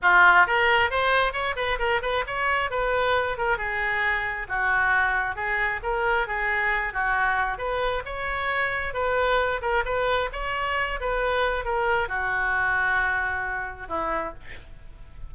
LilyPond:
\new Staff \with { instrumentName = "oboe" } { \time 4/4 \tempo 4 = 134 f'4 ais'4 c''4 cis''8 b'8 | ais'8 b'8 cis''4 b'4. ais'8 | gis'2 fis'2 | gis'4 ais'4 gis'4. fis'8~ |
fis'4 b'4 cis''2 | b'4. ais'8 b'4 cis''4~ | cis''8 b'4. ais'4 fis'4~ | fis'2. e'4 | }